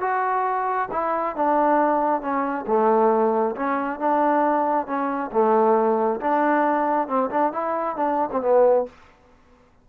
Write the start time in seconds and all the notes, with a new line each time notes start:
0.00 F#4
0.91 E4
1.36 D4
2.21 C#4
2.67 A3
3.55 C#4
3.99 D4
4.86 C#4
5.32 A3
6.20 D4
7.07 C4
7.30 D4
7.52 E4
7.96 D4
8.31 C4
8.41 B3